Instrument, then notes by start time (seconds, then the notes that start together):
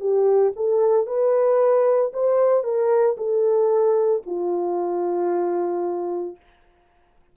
horn
0.00 G4
0.56 A4
1.07 B4
2.13 C5
2.64 A#4
3.17 A4
4.26 F4